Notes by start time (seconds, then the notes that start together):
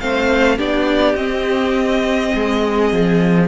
0.00 A3 C4 C5 F5
0.57 B3 D4 G4 D5
1.15 C4 D#5
2.34 G#3 G#4
2.92 F3